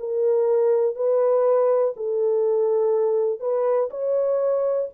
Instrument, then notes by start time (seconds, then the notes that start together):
horn
0.00 A#4
0.96 B4
1.97 A4
3.41 B4
3.91 C#5